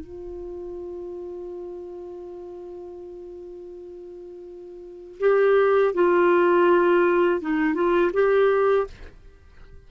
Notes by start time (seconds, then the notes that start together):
0.00 F4
5.20 G4
5.94 F4
7.40 D#4
7.74 F4
8.13 G4